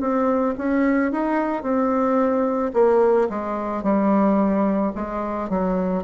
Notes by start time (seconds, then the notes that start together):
0.00 C4
0.58 C#4
1.12 D#4
1.63 C4
2.74 A#3
3.29 G#3
3.83 G3
4.95 G#3
5.49 F#3